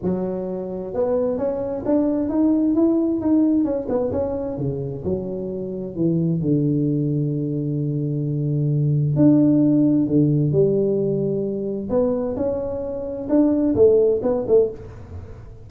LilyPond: \new Staff \with { instrumentName = "tuba" } { \time 4/4 \tempo 4 = 131 fis2 b4 cis'4 | d'4 dis'4 e'4 dis'4 | cis'8 b8 cis'4 cis4 fis4~ | fis4 e4 d2~ |
d1 | d'2 d4 g4~ | g2 b4 cis'4~ | cis'4 d'4 a4 b8 a8 | }